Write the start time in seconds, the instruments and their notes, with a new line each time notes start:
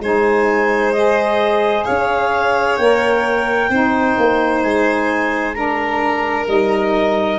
0.00 tuba G#3, saxophone D#4, violin C5, clarinet G#5
0.92 saxophone G#4, clarinet D#5
1.84 tuba C#4, violin C#5, clarinet F5
2.77 tuba A#3, saxophone A#4, clarinet G5
3.70 tuba C4, saxophone D#4, violin C5
4.18 tuba A#3
4.63 tuba G#3, clarinet G#5
5.54 saxophone D4, violin A#4, clarinet A#5
6.48 tuba G3, saxophone D#4, clarinet D#5